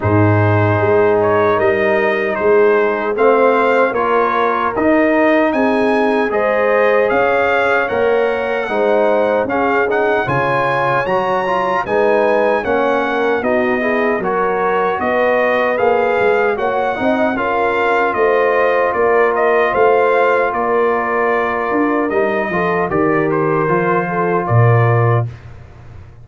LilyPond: <<
  \new Staff \with { instrumentName = "trumpet" } { \time 4/4 \tempo 4 = 76 c''4. cis''8 dis''4 c''4 | f''4 cis''4 dis''4 gis''4 | dis''4 f''4 fis''2 | f''8 fis''8 gis''4 ais''4 gis''4 |
fis''4 dis''4 cis''4 dis''4 | f''4 fis''4 f''4 dis''4 | d''8 dis''8 f''4 d''2 | dis''4 d''8 c''4. d''4 | }
  \new Staff \with { instrumentName = "horn" } { \time 4/4 gis'2 ais'4 gis'4 | c''4 ais'2 gis'4 | c''4 cis''2 c''4 | gis'4 cis''2 b'4 |
cis''8 ais'8 fis'8 gis'8 ais'4 b'4~ | b'4 cis''8 dis''8 ais'4 c''4 | ais'4 c''4 ais'2~ | ais'8 a'8 ais'4. a'8 ais'4 | }
  \new Staff \with { instrumentName = "trombone" } { \time 4/4 dis'1 | c'4 f'4 dis'2 | gis'2 ais'4 dis'4 | cis'8 dis'8 f'4 fis'8 f'8 dis'4 |
cis'4 dis'8 e'8 fis'2 | gis'4 fis'8 dis'8 f'2~ | f'1 | dis'8 f'8 g'4 f'2 | }
  \new Staff \with { instrumentName = "tuba" } { \time 4/4 gis,4 gis4 g4 gis4 | a4 ais4 dis'4 c'4 | gis4 cis'4 ais4 gis4 | cis'4 cis4 fis4 gis4 |
ais4 b4 fis4 b4 | ais8 gis8 ais8 c'8 cis'4 a4 | ais4 a4 ais4. d'8 | g8 f8 dis4 f4 ais,4 | }
>>